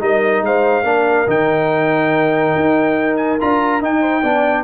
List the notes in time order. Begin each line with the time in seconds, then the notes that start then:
0.00 G3 D#4 A#4 D#5
0.42 G#3 C5 F5
0.83 A#3 D4 A#4
1.27 D#3 D#4 G5
2.56 D#4
3.17 G#5
3.41 D4 F4 A#5
3.81 D#4 G5
4.01 C5
4.23 B3 D4 D5